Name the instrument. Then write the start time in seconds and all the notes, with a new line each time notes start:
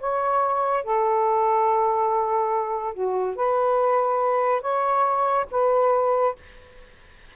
saxophone
0.00 C#5
0.84 A4
2.94 F#4
3.36 B4
4.62 C#5
5.51 B4